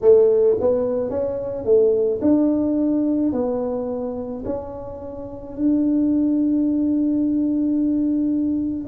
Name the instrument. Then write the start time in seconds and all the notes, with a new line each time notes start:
tuba
0.01 A3
0.60 B3
1.10 C#4
1.65 A3
2.21 D4
3.32 B3
4.44 C#4
5.56 D4